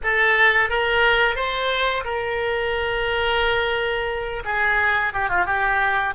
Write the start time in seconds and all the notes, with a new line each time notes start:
0.03 A4
0.69 A#4
1.35 C5
2.04 A#4
4.44 G#4
5.13 G4
5.29 F4
5.45 G4